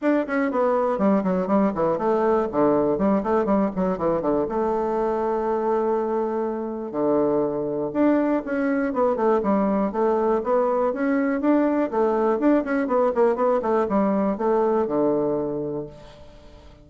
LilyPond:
\new Staff \with { instrumentName = "bassoon" } { \time 4/4 \tempo 4 = 121 d'8 cis'8 b4 g8 fis8 g8 e8 | a4 d4 g8 a8 g8 fis8 | e8 d8 a2.~ | a2 d2 |
d'4 cis'4 b8 a8 g4 | a4 b4 cis'4 d'4 | a4 d'8 cis'8 b8 ais8 b8 a8 | g4 a4 d2 | }